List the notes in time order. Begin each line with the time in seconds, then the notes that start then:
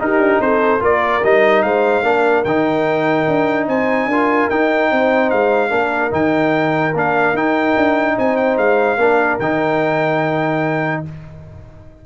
0.00 D#4 G4 A#4
0.19 D4
0.40 C4 A4 C5
0.80 A#3 F4 A#4 D5
1.23 G3 D#4 D#5
1.63 G#3 C5 F5
2.03 A#3 D4 A#4
2.45 D#3 D#4 G5
3.28 D4
3.68 C4 C5 G#5
4.06 D4 A#4
4.12 F4
4.50 D#4 G5
4.91 C4 C5
5.30 G#3 F5
5.69 A#3 D4 A#4
6.11 D#3 D#4 G5
6.94 A#3 D4 F5
7.34 D#4 G5
7.77 D4
8.18 C4 C5 G#5
8.37 G5
8.58 G#3 F5
8.97 A#3 D4 A#4
9.39 D#3 D#4 G5